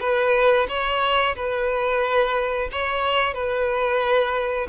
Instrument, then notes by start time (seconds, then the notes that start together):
violin
0.00 B4
0.68 C#5
1.35 B4
2.72 C#5
3.34 B4